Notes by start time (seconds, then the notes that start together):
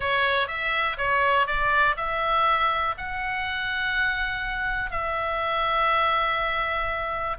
0.00 C#5
0.47 E5
0.97 C#5
1.46 D5
1.96 E5
2.97 F#5
4.90 E5